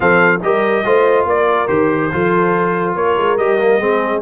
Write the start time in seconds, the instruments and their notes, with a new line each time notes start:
0.00 tuba F3, trombone C4, horn A4, trumpet F5
0.42 tuba G3, trombone G4, horn A#4, trumpet D#5
0.84 tuba A3, trombone F4, horn C5
1.25 tuba A#3, horn A#4, trumpet D5
1.67 tuba D#3, trombone G4, trumpet C5
2.11 tuba F3, trombone F4, horn A4
2.95 tuba A#3, horn A#4, trumpet C#5
3.17 tuba G#3
3.37 tuba G3, trombone G4, trumpet D#5
3.58 trombone A#3
3.79 tuba G#3, trombone C4, horn G#4